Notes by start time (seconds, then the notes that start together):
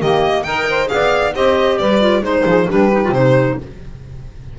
0.00 D#3 A#3 G4 D#5
0.43 D#4 A#4 G5
0.69 C5
0.87 B3 G#4 F5
0.93 D5
1.35 C4 G4 C5 D#5
1.79 G3 B4 D5
2.01 F4
2.22 G#3 D#4 C5
2.45 F3 G#4
2.68 G3 D4 G4 B4
2.92 D#4
3.04 C3 F4
3.14 D#4 C5